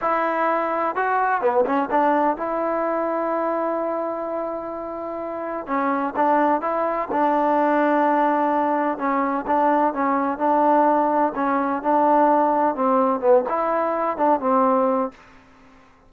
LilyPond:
\new Staff \with { instrumentName = "trombone" } { \time 4/4 \tempo 4 = 127 e'2 fis'4 b8 cis'8 | d'4 e'2.~ | e'1 | cis'4 d'4 e'4 d'4~ |
d'2. cis'4 | d'4 cis'4 d'2 | cis'4 d'2 c'4 | b8 e'4. d'8 c'4. | }